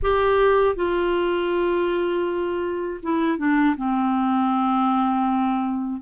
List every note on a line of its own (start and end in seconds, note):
0.02 0.75 G4
0.75 3.00 F4
3.02 3.38 E4
3.38 3.75 D4
3.77 6.01 C4